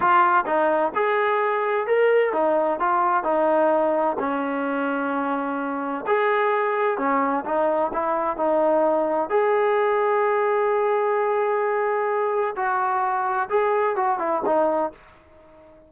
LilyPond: \new Staff \with { instrumentName = "trombone" } { \time 4/4 \tempo 4 = 129 f'4 dis'4 gis'2 | ais'4 dis'4 f'4 dis'4~ | dis'4 cis'2.~ | cis'4 gis'2 cis'4 |
dis'4 e'4 dis'2 | gis'1~ | gis'2. fis'4~ | fis'4 gis'4 fis'8 e'8 dis'4 | }